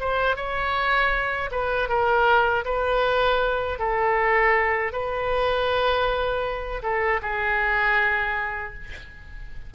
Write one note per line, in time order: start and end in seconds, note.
0.00 0.36 C5
0.36 1.50 C#5
1.51 1.88 B4
1.88 2.64 A#4
2.65 3.79 B4
3.79 4.92 A4
4.92 6.82 B4
6.82 7.20 A4
7.22 8.74 G#4